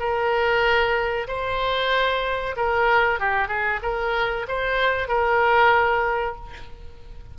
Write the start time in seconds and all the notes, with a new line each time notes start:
0.00 A#4
1.28 C5
2.57 A#4
3.20 G4
3.49 G#4
3.83 A#4
4.48 C5
5.08 A#4